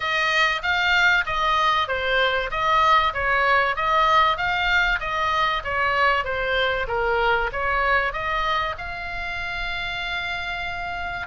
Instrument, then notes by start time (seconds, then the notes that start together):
oboe
0.00 D#5
0.62 F5
1.26 D#5
1.88 C5
2.50 D#5
3.13 C#5
3.76 D#5
4.37 F5
5.00 D#5
5.64 C#5
6.24 C5
6.88 A#4
7.52 C#5
8.12 D#5
8.78 F5